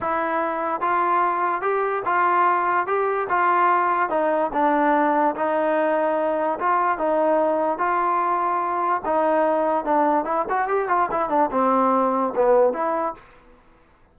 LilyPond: \new Staff \with { instrumentName = "trombone" } { \time 4/4 \tempo 4 = 146 e'2 f'2 | g'4 f'2 g'4 | f'2 dis'4 d'4~ | d'4 dis'2. |
f'4 dis'2 f'4~ | f'2 dis'2 | d'4 e'8 fis'8 g'8 f'8 e'8 d'8 | c'2 b4 e'4 | }